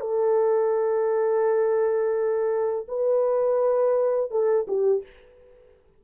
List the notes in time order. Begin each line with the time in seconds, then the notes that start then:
0.00 A4
2.88 B4
4.31 A4
4.68 G4